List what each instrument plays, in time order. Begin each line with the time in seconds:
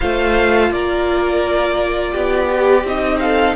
0.00 cello A3, viola F4, violin C5 F5
0.71 cello A#3, violin A#4 D5
2.12 cello B3, violin G4
2.51 viola G4
2.84 cello C4, viola D#4, violin D#5
3.19 violin A4 F5